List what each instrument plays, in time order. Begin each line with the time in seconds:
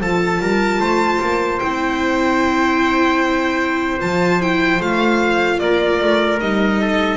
0.00 double bass F3, viola F4, trumpet A4, violin A5
0.40 double bass G3, trumpet A#4
0.79 double bass A3, trumpet C5
1.20 double bass A#3
1.59 double bass C4, viola E4, violin G5
4.00 double bass F3, viola F4, violin A5
4.41 viola E4, violin G5
4.79 double bass A3, viola F4, violin F5
5.59 double bass A#3, trumpet A#4, violin D5
6.01 double bass A3
6.40 double bass G3, viola D#4, violin D#5
6.81 trumpet A4